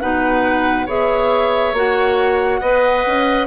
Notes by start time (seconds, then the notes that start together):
0.00 B2 D#4 B4 F#5
0.86 B3 G#4 C#5 E5
1.73 A#3 F#4 F#5
2.61 B3 B4 D#5
3.07 C#4